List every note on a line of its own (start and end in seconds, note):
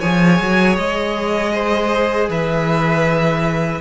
0.00 0.40 F3
0.00 3.81 G#4
0.00 1.52 C#5
0.00 0.76 G#5
0.40 0.77 F#3
0.77 2.28 G#3
0.77 2.29 D#5
1.53 2.29 C5
2.28 3.80 E3
2.28 3.81 B4
2.28 3.81 E5